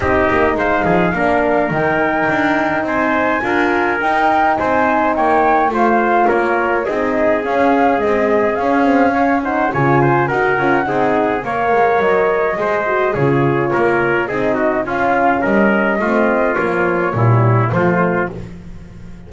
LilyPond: <<
  \new Staff \with { instrumentName = "flute" } { \time 4/4 \tempo 4 = 105 dis''4 f''2 g''4~ | g''4 gis''2 g''4 | gis''4 g''4 f''4 cis''4 | dis''4 f''4 dis''4 f''4~ |
f''8 fis''8 gis''4 fis''2 | f''4 dis''2 cis''4~ | cis''4 dis''4 f''4 dis''4~ | dis''4 cis''2 c''4 | }
  \new Staff \with { instrumentName = "trumpet" } { \time 4/4 g'4 c''8 gis'8 ais'2~ | ais'4 c''4 ais'2 | c''4 cis''4 c''4 ais'4 | gis'1 |
cis''8 c''8 cis''8 c''8 ais'4 gis'4 | cis''2 c''4 gis'4 | ais'4 gis'8 fis'8 f'4 ais'4 | f'2 e'4 f'4 | }
  \new Staff \with { instrumentName = "horn" } { \time 4/4 dis'2 d'4 dis'4~ | dis'2 f'4 dis'4~ | dis'2 f'2 | dis'4 cis'4 gis4 cis'8 c'8 |
cis'8 dis'8 f'4 fis'8 f'8 dis'4 | ais'2 gis'8 fis'8 f'4~ | f'4 dis'4 cis'2 | c'4 f4 g4 a4 | }
  \new Staff \with { instrumentName = "double bass" } { \time 4/4 c'8 ais8 gis8 f8 ais4 dis4 | d'4 c'4 d'4 dis'4 | c'4 ais4 a4 ais4 | c'4 cis'4 c'4 cis'4~ |
cis'4 cis4 dis'8 cis'8 c'4 | ais8 gis8 fis4 gis4 cis4 | ais4 c'4 cis'4 g4 | a4 ais4 ais,4 f4 | }
>>